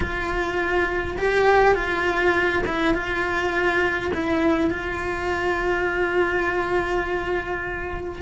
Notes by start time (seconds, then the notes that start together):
0.00 F4
1.18 G4
1.74 F4
2.66 E4
2.94 F4
4.13 E4
4.70 F4